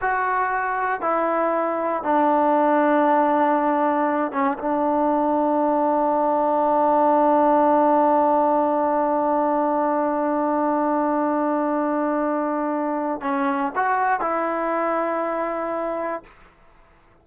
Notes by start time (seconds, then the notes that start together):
0.01 F#4
1.01 E4
2.03 D4
4.32 C#4
4.58 D4
13.21 C#4
13.75 F#4
14.20 E4